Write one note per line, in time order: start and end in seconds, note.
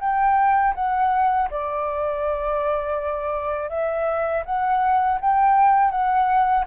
0.00 0.74 G5
0.75 1.49 F#5
1.51 3.70 D5
3.70 4.44 E5
4.45 5.19 F#5
5.20 5.91 G5
5.91 6.65 F#5